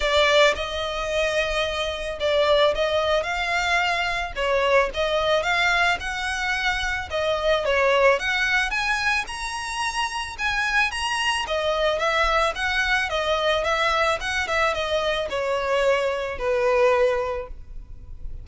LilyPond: \new Staff \with { instrumentName = "violin" } { \time 4/4 \tempo 4 = 110 d''4 dis''2. | d''4 dis''4 f''2 | cis''4 dis''4 f''4 fis''4~ | fis''4 dis''4 cis''4 fis''4 |
gis''4 ais''2 gis''4 | ais''4 dis''4 e''4 fis''4 | dis''4 e''4 fis''8 e''8 dis''4 | cis''2 b'2 | }